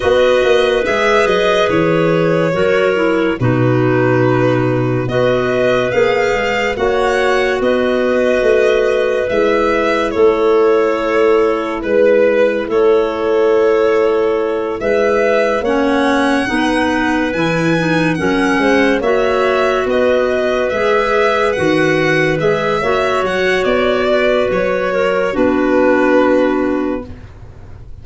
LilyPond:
<<
  \new Staff \with { instrumentName = "violin" } { \time 4/4 \tempo 4 = 71 dis''4 e''8 dis''8 cis''2 | b'2 dis''4 f''4 | fis''4 dis''2 e''4 | cis''2 b'4 cis''4~ |
cis''4. e''4 fis''4.~ | fis''8 gis''4 fis''4 e''4 dis''8~ | dis''8 e''4 fis''4 e''4 fis''8 | d''4 cis''4 b'2 | }
  \new Staff \with { instrumentName = "clarinet" } { \time 4/4 b'2. ais'4 | fis'2 b'2 | cis''4 b'2. | a'2 b'4 a'4~ |
a'4. b'4 cis''4 b'8~ | b'4. ais'8 c''8 cis''4 b'8~ | b'2. cis''4~ | cis''8 b'4 ais'8 fis'2 | }
  \new Staff \with { instrumentName = "clarinet" } { \time 4/4 fis'4 gis'2 fis'8 e'8 | dis'2 fis'4 gis'4 | fis'2. e'4~ | e'1~ |
e'2~ e'8 cis'4 dis'8~ | dis'8 e'8 dis'8 cis'4 fis'4.~ | fis'8 gis'4 fis'4 gis'8 fis'4~ | fis'2 d'2 | }
  \new Staff \with { instrumentName = "tuba" } { \time 4/4 b8 ais8 gis8 fis8 e4 fis4 | b,2 b4 ais8 gis8 | ais4 b4 a4 gis4 | a2 gis4 a4~ |
a4. gis4 ais4 b8~ | b8 e4 fis8 gis8 ais4 b8~ | b8 gis4 dis4 gis8 ais8 fis8 | b4 fis4 b2 | }
>>